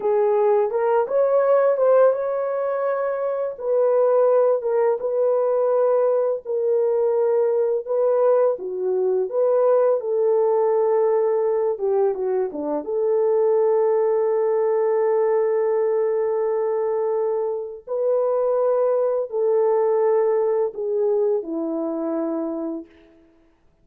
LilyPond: \new Staff \with { instrumentName = "horn" } { \time 4/4 \tempo 4 = 84 gis'4 ais'8 cis''4 c''8 cis''4~ | cis''4 b'4. ais'8 b'4~ | b'4 ais'2 b'4 | fis'4 b'4 a'2~ |
a'8 g'8 fis'8 d'8 a'2~ | a'1~ | a'4 b'2 a'4~ | a'4 gis'4 e'2 | }